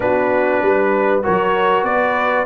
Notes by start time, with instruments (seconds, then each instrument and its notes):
0.00 tuba B3, trombone D4, horn F#4, trumpet B4
0.62 tuba G3, horn B4
1.22 tuba F#3, trombone F#4, horn A#4, trumpet C#5
1.83 tuba B3, horn B4, trumpet D5